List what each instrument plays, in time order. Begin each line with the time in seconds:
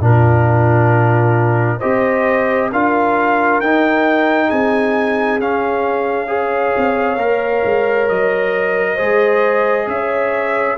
0.00 tuba A#2, trombone D4, horn F4, trumpet A#4
1.79 tuba C4, trombone G4, horn C5, trumpet D#5
2.71 tuba D4, trombone F4, horn A#4, trumpet F5
3.60 tuba D#4, trombone D#4, trumpet G5
4.47 tuba C4, horn G#4, trumpet G#5
5.39 tuba C#4, trombone C#4, trumpet F5
6.27 trombone G#4, horn C#5
6.77 tuba C4
7.17 tuba A#3, trombone A#4
7.64 tuba G#3
8.08 tuba F#3, trumpet D#5
8.94 tuba G#3, trombone G#4, horn C5
9.87 tuba C#4, horn C#5, trumpet E5